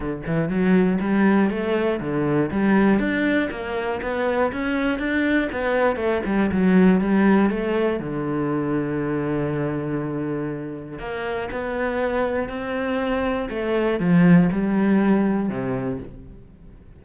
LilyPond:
\new Staff \with { instrumentName = "cello" } { \time 4/4 \tempo 4 = 120 d8 e8 fis4 g4 a4 | d4 g4 d'4 ais4 | b4 cis'4 d'4 b4 | a8 g8 fis4 g4 a4 |
d1~ | d2 ais4 b4~ | b4 c'2 a4 | f4 g2 c4 | }